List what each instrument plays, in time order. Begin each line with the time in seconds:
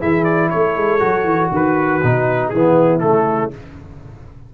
0.00 tuba E3, trombone E4, horn G#4, trumpet E5
0.24 trumpet D5
0.50 tuba A3, horn A4, trumpet C#5
0.76 tuba G#3
1.00 tuba F#3, trombone F#4
1.24 tuba E3
1.51 tuba D#3, horn F#4, trumpet B4
2.03 tuba B2, trombone D#4
2.49 tuba E3, trombone B3, horn E4, trumpet G#4
3.00 tuba C#3, trombone A3, trumpet A4